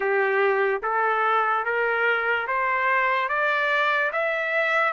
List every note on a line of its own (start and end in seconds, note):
0.00 0.81 G4
0.82 1.64 A4
1.64 2.47 A#4
2.47 3.29 C5
3.29 4.11 D5
4.12 4.92 E5